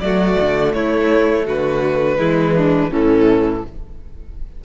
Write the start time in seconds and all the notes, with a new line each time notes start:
0.00 F#3 A3 F#4 D5
0.40 D3
0.73 A3 E4 C#5
1.45 D3 F#4 B4
2.17 E3 G#3 E4
2.55 D4
2.90 A2 E3 C#4 A4